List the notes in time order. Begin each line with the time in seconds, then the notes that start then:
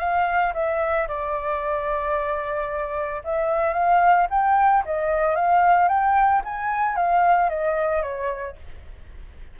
0.00 F5
0.54 E5
1.08 D5
3.25 E5
3.74 F5
4.31 G5
4.86 D#5
5.36 F5
5.89 G5
6.45 G#5
6.96 F5
7.50 D#5
8.03 C#5